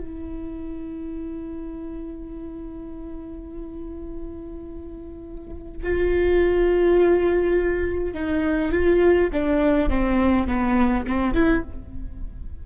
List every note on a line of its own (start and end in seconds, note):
0.00 5.83 E4
5.83 8.14 F4
8.14 8.72 D#4
8.72 9.30 F4
9.33 9.89 D4
9.89 10.47 C4
10.47 11.06 B3
11.07 11.34 C4
11.34 11.63 E4